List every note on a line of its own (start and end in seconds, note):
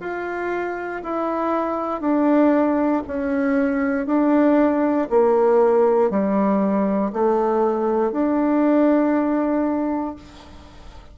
0.00 1.02 F4
1.03 2.01 E4
2.01 3.02 D4
3.07 4.06 C#4
4.06 5.08 D4
5.10 6.10 A#3
6.10 7.12 G3
7.13 8.12 A3
8.12 10.15 D4